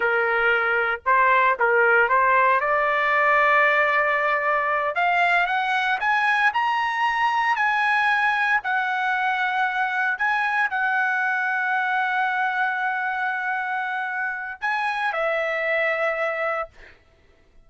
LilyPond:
\new Staff \with { instrumentName = "trumpet" } { \time 4/4 \tempo 4 = 115 ais'2 c''4 ais'4 | c''4 d''2.~ | d''4. f''4 fis''4 gis''8~ | gis''8 ais''2 gis''4.~ |
gis''8 fis''2. gis''8~ | gis''8 fis''2.~ fis''8~ | fis''1 | gis''4 e''2. | }